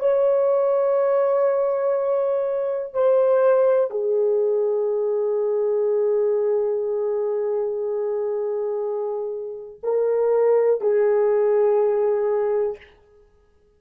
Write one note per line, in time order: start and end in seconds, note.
0.00 2.94 C#5
2.94 3.90 C5
3.90 9.80 G#4
9.83 10.81 A#4
10.81 12.78 G#4